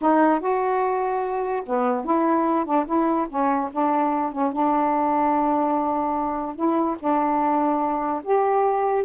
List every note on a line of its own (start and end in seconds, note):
0.01 0.39 D#4
0.39 1.63 F#4
1.65 2.04 B3
2.04 2.65 E4
2.65 2.85 D4
2.86 3.27 E4
3.29 3.70 C#4
3.72 4.32 D4
4.32 4.52 C#4
4.52 6.55 D4
6.55 6.96 E4
6.99 8.22 D4
8.23 9.04 G4